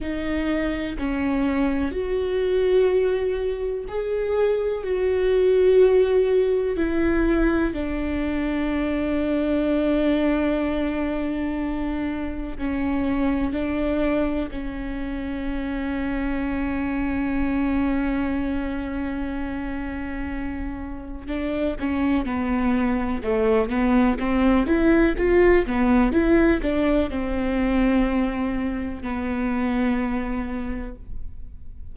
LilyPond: \new Staff \with { instrumentName = "viola" } { \time 4/4 \tempo 4 = 62 dis'4 cis'4 fis'2 | gis'4 fis'2 e'4 | d'1~ | d'4 cis'4 d'4 cis'4~ |
cis'1~ | cis'2 d'8 cis'8 b4 | a8 b8 c'8 e'8 f'8 b8 e'8 d'8 | c'2 b2 | }